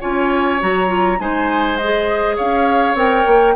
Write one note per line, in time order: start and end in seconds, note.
0.00 0.62 C#4
0.00 0.59 F4
0.00 1.18 C#5
0.00 0.60 G#5
0.60 1.19 F#3
0.60 0.87 F#4
0.60 1.20 A#5
0.87 1.17 F4
1.19 2.37 G#3
1.19 1.78 D#4
1.19 2.36 C5
1.19 1.76 G#5
1.76 2.35 D#5
1.83 2.95 G#4
2.36 2.94 C#4
2.36 3.54 C#5
2.36 2.96 F5
2.94 3.23 C4
2.94 3.54 A#4
2.94 3.55 G5
3.26 3.55 A#3